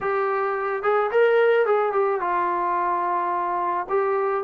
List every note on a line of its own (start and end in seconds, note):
0.01 0.82 G4
0.82 1.10 G#4
1.11 1.66 A#4
1.66 1.92 G#4
1.92 2.20 G4
2.20 3.87 F4
3.89 4.44 G4